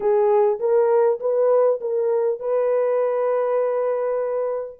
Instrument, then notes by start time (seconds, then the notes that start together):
horn
0.00 G#4
0.59 A#4
1.20 B4
1.80 A#4
2.39 B4